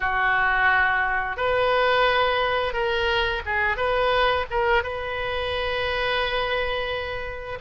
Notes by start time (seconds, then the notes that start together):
0.00 F#4
1.36 B4
2.73 A#4
3.45 G#4
3.76 B4
4.50 A#4
4.83 B4